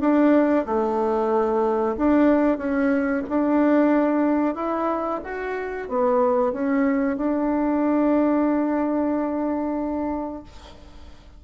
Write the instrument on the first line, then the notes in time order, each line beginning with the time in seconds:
bassoon
0.00 D4
0.66 A3
1.97 D4
2.58 C#4
3.28 D4
4.55 E4
5.24 F#4
5.88 B3
6.52 C#4
7.17 D4